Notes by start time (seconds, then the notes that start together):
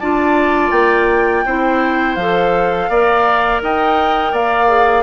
0.00 D4 F4 D5 A5
0.72 A#3 G5
1.46 C4 E4 C5
2.16 F3 A4 F5
2.90 A#3 A#4 D5
3.62 D#4 D#5 G5
4.33 A#3 D5 F5
4.68 G#4